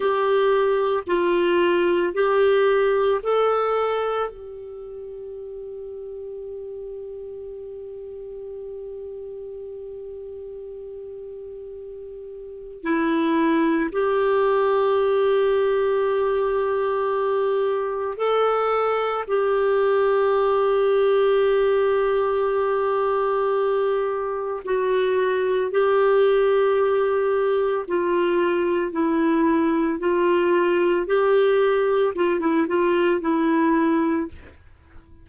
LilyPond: \new Staff \with { instrumentName = "clarinet" } { \time 4/4 \tempo 4 = 56 g'4 f'4 g'4 a'4 | g'1~ | g'1 | e'4 g'2.~ |
g'4 a'4 g'2~ | g'2. fis'4 | g'2 f'4 e'4 | f'4 g'4 f'16 e'16 f'8 e'4 | }